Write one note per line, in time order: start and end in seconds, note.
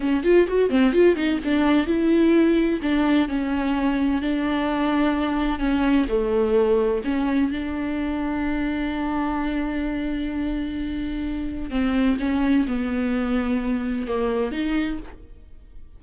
0.00 0.23 C#4
0.23 0.47 F4
0.47 0.69 F#4
0.69 0.93 C4
0.93 1.15 F4
1.15 1.39 D#4
1.44 1.86 D4
1.86 2.80 E4
2.81 3.28 D4
3.28 4.21 C#4
4.21 5.59 D4
5.59 6.06 C#4
6.08 7.02 A3
7.04 7.51 C#4
7.51 11.70 D4
11.70 12.17 C4
12.19 12.66 C#4
12.67 14.07 B3
14.07 14.51 A#3
14.51 14.98 D#4